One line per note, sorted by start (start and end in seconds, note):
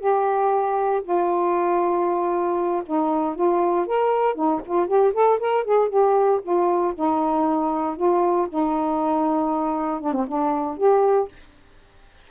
0.00 1.03 G4
1.03 2.83 F4
2.86 3.35 D#4
3.35 3.87 F4
3.87 4.35 A#4
4.35 4.61 D#4
4.65 4.88 F4
4.88 5.13 G4
5.14 5.40 A4
5.40 5.65 A#4
5.65 5.89 G#4
5.89 6.41 G4
6.43 6.94 F4
6.95 7.97 D#4
7.97 8.48 F4
8.50 10.01 D#4
10.01 10.14 D4
10.14 10.26 C4
10.28 10.77 D4
10.77 11.29 G4